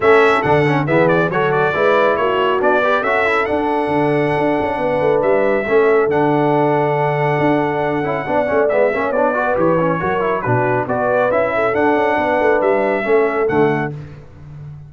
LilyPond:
<<
  \new Staff \with { instrumentName = "trumpet" } { \time 4/4 \tempo 4 = 138 e''4 fis''4 e''8 d''8 cis''8 d''8~ | d''4 cis''4 d''4 e''4 | fis''1 | e''2 fis''2~ |
fis''1 | e''4 d''4 cis''2 | b'4 d''4 e''4 fis''4~ | fis''4 e''2 fis''4 | }
  \new Staff \with { instrumentName = "horn" } { \time 4/4 a'2 gis'4 a'4 | b'4 fis'4. b'8 a'4~ | a'2. b'4~ | b'4 a'2.~ |
a'2. d''4~ | d''8 cis''4 b'4. ais'4 | fis'4 b'4. a'4. | b'2 a'2 | }
  \new Staff \with { instrumentName = "trombone" } { \time 4/4 cis'4 d'8 cis'8 b4 fis'4 | e'2 d'8 g'8 fis'8 e'8 | d'1~ | d'4 cis'4 d'2~ |
d'2~ d'8 e'8 d'8 cis'8 | b8 cis'8 d'8 fis'8 g'8 cis'8 fis'8 e'8 | d'4 fis'4 e'4 d'4~ | d'2 cis'4 a4 | }
  \new Staff \with { instrumentName = "tuba" } { \time 4/4 a4 d4 e4 fis4 | gis4 ais4 b4 cis'4 | d'4 d4 d'8 cis'8 b8 a8 | g4 a4 d2~ |
d4 d'4. cis'8 b8 a8 | gis8 ais8 b4 e4 fis4 | b,4 b4 cis'4 d'8 cis'8 | b8 a8 g4 a4 d4 | }
>>